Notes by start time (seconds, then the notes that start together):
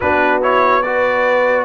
0.00 B3 D4 F#4 B4
0.41 E4 C#5
0.82 F#4 B4 D5